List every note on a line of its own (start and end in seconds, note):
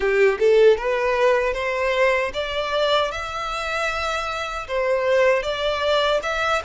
0.00 0.38 G4
0.39 0.77 A4
0.77 1.53 B4
1.53 2.31 C5
2.33 3.11 D5
3.11 4.67 E5
4.67 5.42 C5
5.42 6.20 D5
6.23 6.62 E5